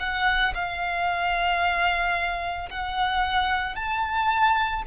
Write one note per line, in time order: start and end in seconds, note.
0.00 0.54 F#5
0.55 2.69 F5
2.70 3.75 F#5
3.75 4.83 A5